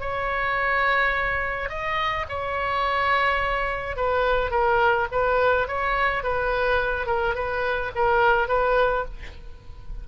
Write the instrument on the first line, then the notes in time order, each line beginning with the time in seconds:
oboe
0.00 C#5
1.69 D#5
2.29 C#5
3.96 B4
4.51 A#4
5.11 B4
5.68 C#5
6.23 B4
7.07 A#4
7.35 B4
7.95 A#4
8.48 B4